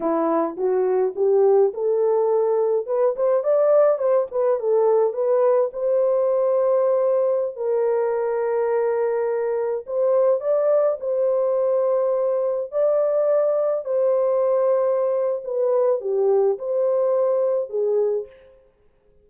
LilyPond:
\new Staff \with { instrumentName = "horn" } { \time 4/4 \tempo 4 = 105 e'4 fis'4 g'4 a'4~ | a'4 b'8 c''8 d''4 c''8 b'8 | a'4 b'4 c''2~ | c''4~ c''16 ais'2~ ais'8.~ |
ais'4~ ais'16 c''4 d''4 c''8.~ | c''2~ c''16 d''4.~ d''16~ | d''16 c''2~ c''8. b'4 | g'4 c''2 gis'4 | }